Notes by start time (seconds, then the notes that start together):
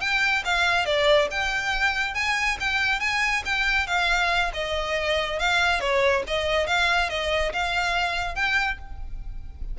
0.00 G5
0.44 F5
0.85 D5
1.31 G5
2.14 G#5
2.60 G5
3.00 G#5
3.45 G5
3.87 F5
4.53 D#5
5.39 F5
5.80 C#5
6.27 D#5
6.67 F5
7.09 D#5
7.53 F5
8.35 G5